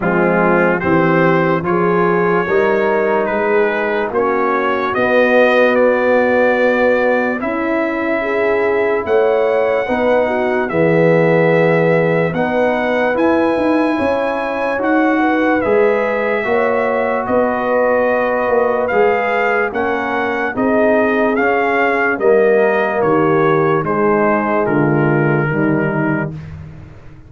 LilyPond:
<<
  \new Staff \with { instrumentName = "trumpet" } { \time 4/4 \tempo 4 = 73 f'4 c''4 cis''2 | b'4 cis''4 dis''4 d''4~ | d''4 e''2 fis''4~ | fis''4 e''2 fis''4 |
gis''2 fis''4 e''4~ | e''4 dis''2 f''4 | fis''4 dis''4 f''4 dis''4 | cis''4 c''4 ais'2 | }
  \new Staff \with { instrumentName = "horn" } { \time 4/4 c'4 g'4 gis'4 ais'4 | gis'4 fis'2.~ | fis'4 e'4 gis'4 cis''4 | b'8 fis'8 gis'2 b'4~ |
b'4 cis''4. b'4. | cis''4 b'2. | ais'4 gis'2 ais'4 | g'4 dis'4 f'4 dis'4 | }
  \new Staff \with { instrumentName = "trombone" } { \time 4/4 gis4 c'4 f'4 dis'4~ | dis'4 cis'4 b2~ | b4 e'2. | dis'4 b2 dis'4 |
e'2 fis'4 gis'4 | fis'2. gis'4 | cis'4 dis'4 cis'4 ais4~ | ais4 gis2 g4 | }
  \new Staff \with { instrumentName = "tuba" } { \time 4/4 f4 e4 f4 g4 | gis4 ais4 b2~ | b4 cis'2 a4 | b4 e2 b4 |
e'8 dis'8 cis'4 dis'4 gis4 | ais4 b4. ais8 gis4 | ais4 c'4 cis'4 g4 | dis4 gis4 d4 dis4 | }
>>